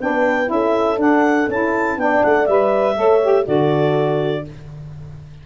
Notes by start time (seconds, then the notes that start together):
0.00 B3 D4 B4 G5
0.46 C#4 E4 E5
0.53 A4
0.98 D4 F#5
1.49 C#4 E4 A5
1.98 B3 D4 D5 G5
2.24 A3 F#5
2.47 G3 B4 E5
2.96 A3 A4 C#5
3.23 G4
3.46 D3 F#4 A4 D5